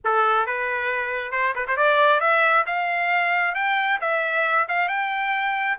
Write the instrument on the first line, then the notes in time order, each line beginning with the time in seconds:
trumpet
0.04 A4
0.46 B4
1.31 C5
1.55 B4
1.67 C5
1.77 D5
2.20 E5
2.66 F5
3.54 G5
4.01 E5
4.68 F5
4.88 G5